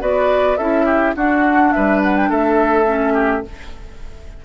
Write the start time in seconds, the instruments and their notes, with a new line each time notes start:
0.00 bassoon B3, clarinet F#4, oboe B4, flute D5
0.57 bassoon C#4, clarinet E4, oboe A4, flute E5
0.85 oboe G4
1.15 bassoon D4, clarinet D4, oboe F#4, flute F#5
1.72 bassoon G3, oboe B4, flute E5
2.03 flute F#5
2.17 flute G5
2.29 bassoon A3, oboe A4, flute E5
2.86 clarinet C#4
3.13 oboe G4